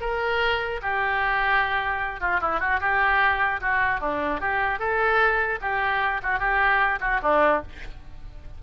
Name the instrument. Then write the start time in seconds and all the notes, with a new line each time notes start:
oboe
0.00 A#4
0.81 G4
2.20 F4
2.41 E4
2.60 F#4
2.80 G4
3.60 F#4
4.00 D4
4.40 G4
4.79 A4
5.61 G4
6.23 F#4
6.39 G4
7.00 F#4
7.22 D4